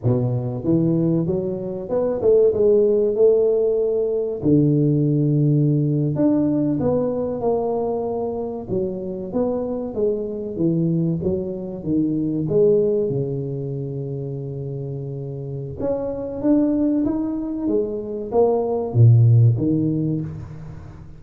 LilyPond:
\new Staff \with { instrumentName = "tuba" } { \time 4/4 \tempo 4 = 95 b,4 e4 fis4 b8 a8 | gis4 a2 d4~ | d4.~ d16 d'4 b4 ais16~ | ais4.~ ais16 fis4 b4 gis16~ |
gis8. e4 fis4 dis4 gis16~ | gis8. cis2.~ cis16~ | cis4 cis'4 d'4 dis'4 | gis4 ais4 ais,4 dis4 | }